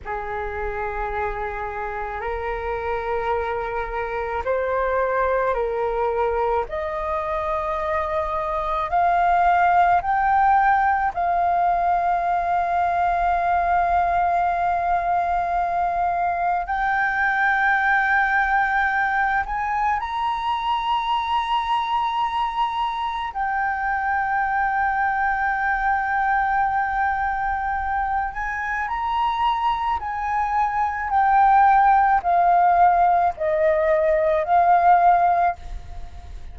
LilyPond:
\new Staff \with { instrumentName = "flute" } { \time 4/4 \tempo 4 = 54 gis'2 ais'2 | c''4 ais'4 dis''2 | f''4 g''4 f''2~ | f''2. g''4~ |
g''4. gis''8 ais''2~ | ais''4 g''2.~ | g''4. gis''8 ais''4 gis''4 | g''4 f''4 dis''4 f''4 | }